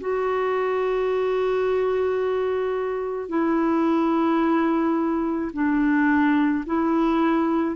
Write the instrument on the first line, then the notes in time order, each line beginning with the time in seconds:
clarinet
0.00 F#4
3.29 E4
5.53 D4
6.66 E4